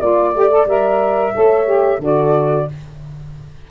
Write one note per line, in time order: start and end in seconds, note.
0.00 0.34 A#3
0.00 0.34 F4
0.00 0.67 D5
0.00 1.34 D5
0.34 0.65 A3
0.34 0.50 G4
0.50 0.67 A4
0.65 1.32 G3
0.65 1.33 A#4
0.65 2.02 E5
1.33 1.98 A3
1.33 1.65 A4
1.33 1.99 C#5
1.65 1.98 G4
1.98 2.65 D3
1.98 2.68 F#4
1.98 2.66 A4
1.98 2.70 D5